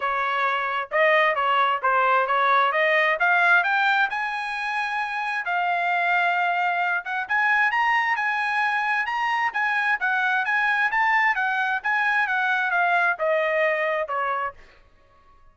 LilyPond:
\new Staff \with { instrumentName = "trumpet" } { \time 4/4 \tempo 4 = 132 cis''2 dis''4 cis''4 | c''4 cis''4 dis''4 f''4 | g''4 gis''2. | f''2.~ f''8 fis''8 |
gis''4 ais''4 gis''2 | ais''4 gis''4 fis''4 gis''4 | a''4 fis''4 gis''4 fis''4 | f''4 dis''2 cis''4 | }